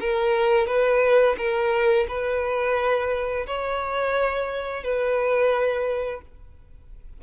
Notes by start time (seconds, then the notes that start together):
0.00 A#4
0.67 B4
1.38 A#4
2.08 B4
3.46 C#5
4.83 B4